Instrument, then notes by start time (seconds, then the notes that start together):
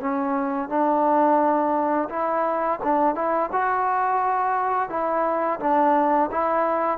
trombone
0.00 C#4
0.68 D4
2.09 E4
2.83 D4
3.15 E4
3.52 F#4
4.89 E4
5.59 D4
6.31 E4